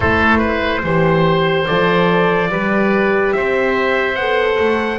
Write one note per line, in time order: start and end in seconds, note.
0.00 0.83 A3
0.00 0.83 E4
0.00 0.38 A4
0.00 1.66 C5
0.38 0.80 B4
0.83 1.66 E3
0.83 1.66 G4
0.83 2.50 C5
1.66 2.49 F3
1.66 2.50 A4
1.66 3.32 D5
2.49 3.33 G3
2.49 4.17 G4
2.49 3.34 B4
3.32 4.16 C4
3.32 4.99 C5
3.32 4.15 E5
4.15 4.57 B3
4.15 4.99 A4
4.15 4.99 F#5
4.59 4.99 A3